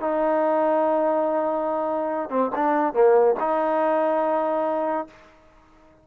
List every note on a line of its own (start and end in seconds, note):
0.00 2.29 D#4
2.29 2.50 C4
2.55 2.93 D4
2.93 3.35 A#3
3.39 5.07 D#4